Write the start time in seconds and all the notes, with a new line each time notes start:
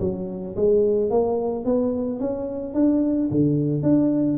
0.00 F#3
0.56 G#3
1.10 A#3
1.65 B3
2.19 C#4
2.74 D4
3.31 D3
3.82 D4